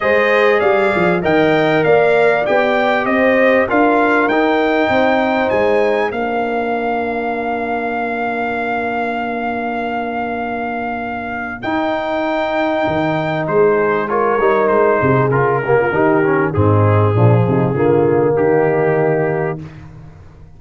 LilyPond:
<<
  \new Staff \with { instrumentName = "trumpet" } { \time 4/4 \tempo 4 = 98 dis''4 f''4 g''4 f''4 | g''4 dis''4 f''4 g''4~ | g''4 gis''4 f''2~ | f''1~ |
f''2. g''4~ | g''2 c''4 cis''4 | c''4 ais'2 gis'4~ | gis'2 g'2 | }
  \new Staff \with { instrumentName = "horn" } { \time 4/4 c''4 d''4 dis''4 d''4~ | d''4 c''4 ais'2 | c''2 ais'2~ | ais'1~ |
ais'1~ | ais'2 gis'4 ais'4~ | ais'8 gis'4 g'16 f'16 g'4 dis'4 | d'8 dis'8 f'4 dis'2 | }
  \new Staff \with { instrumentName = "trombone" } { \time 4/4 gis'2 ais'2 | g'2 f'4 dis'4~ | dis'2 d'2~ | d'1~ |
d'2. dis'4~ | dis'2. f'8 dis'8~ | dis'4 f'8 ais8 dis'8 cis'8 c'4 | f4 ais2. | }
  \new Staff \with { instrumentName = "tuba" } { \time 4/4 gis4 g8 f8 dis4 ais4 | b4 c'4 d'4 dis'4 | c'4 gis4 ais2~ | ais1~ |
ais2. dis'4~ | dis'4 dis4 gis4. g8 | gis8 c8 cis4 dis4 gis,4 | ais,8 c8 d4 dis2 | }
>>